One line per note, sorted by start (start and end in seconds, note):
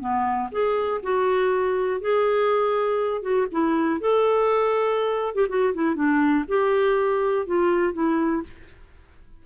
0.00 0.50 B3
0.51 1.01 G#4
1.03 2.01 F#4
2.01 3.22 G#4
3.22 3.47 F#4
3.52 4.00 E4
4.00 5.35 A4
5.35 5.47 G4
5.49 5.74 F#4
5.74 5.95 E4
5.95 6.45 D4
6.48 7.46 G4
7.46 7.93 F4
7.93 8.43 E4